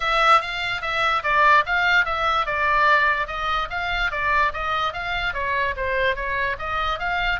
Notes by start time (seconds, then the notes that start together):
0.00 E5
0.41 F5
0.81 E5
1.23 D5
1.66 F5
2.05 E5
2.46 D5
3.27 D#5
3.69 F5
4.11 D5
4.53 D#5
4.93 F5
5.33 C#5
5.76 C5
6.15 C#5
6.58 D#5
6.99 F5